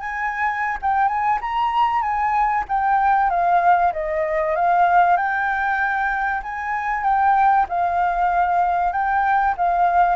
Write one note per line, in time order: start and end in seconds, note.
0.00 0.78 G#5
0.82 1.08 G5
1.08 1.39 G#5
1.41 2.02 A#5
2.02 2.64 G#5
2.68 3.30 G5
3.30 3.93 F5
3.93 4.56 D#5
4.56 5.17 F5
5.17 6.42 G5
6.43 7.04 G#5
7.04 7.66 G5
7.69 8.92 F5
8.92 9.55 G5
9.57 10.16 F5